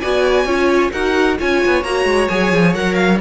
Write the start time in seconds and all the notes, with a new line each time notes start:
0.00 B3 F#4 D5 G#5
0.45 C#4 F4 C#5
0.92 D#4 F#4 A#4 F#5
1.39 C#4 F4 C#5 G#5
1.65 B3
1.83 A#3 F#4 A#5
2.05 G#3
2.28 F#3 G#4 G#5
2.52 F3
2.74 F#3 A#4 F#5
2.95 F5